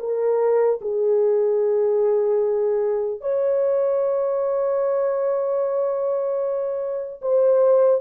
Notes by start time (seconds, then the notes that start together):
0.00 A#4
0.81 G#4
3.21 C#5
7.22 C5